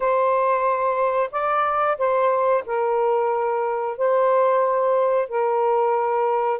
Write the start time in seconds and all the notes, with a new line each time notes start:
0.00 C5
1.31 D5
1.98 C5
2.66 A#4
3.97 C5
5.28 A#4